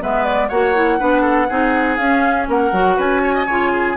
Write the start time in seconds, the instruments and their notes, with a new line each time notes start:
0.00 bassoon G#3, clarinet B3, oboe B4, flute E5
0.24 flute D5
0.48 bassoon A#3, clarinet F#4, oboe C#5, flute F#5
0.75 clarinet E4
0.99 bassoon B3, clarinet D4, oboe B4
1.21 oboe A4
1.49 bassoon C4, clarinet D#4, oboe G#4
1.96 bassoon C#4, clarinet C#4, flute F5
2.48 bassoon A#3, oboe A#4, flute F#5
2.72 bassoon F#3, clarinet F#4
2.96 bassoon C#4, oboe B4, flute G#5
3.22 oboe C#5
3.34 oboe D#5
3.46 bassoon C#3, clarinet F4, oboe C#5
3.72 oboe G#4